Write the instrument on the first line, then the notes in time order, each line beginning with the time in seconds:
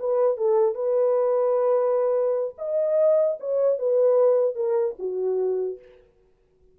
horn
0.00 B4
0.37 A4
0.75 B4
2.58 D#5
3.40 C#5
3.79 B4
4.56 A#4
4.99 F#4